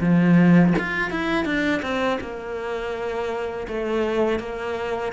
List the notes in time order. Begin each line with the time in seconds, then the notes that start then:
0.00 F3
0.78 F4
1.10 E4
1.45 D4
1.82 C4
2.20 A#3
3.68 A3
4.39 A#3